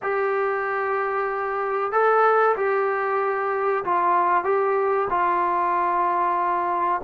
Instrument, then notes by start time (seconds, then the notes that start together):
trombone
0.02 G4
1.91 A4
2.56 G4
3.84 F4
4.44 G4
5.09 F4